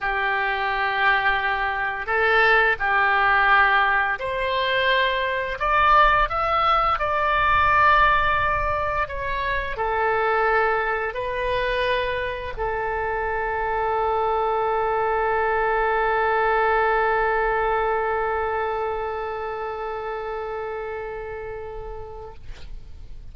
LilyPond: \new Staff \with { instrumentName = "oboe" } { \time 4/4 \tempo 4 = 86 g'2. a'4 | g'2 c''2 | d''4 e''4 d''2~ | d''4 cis''4 a'2 |
b'2 a'2~ | a'1~ | a'1~ | a'1 | }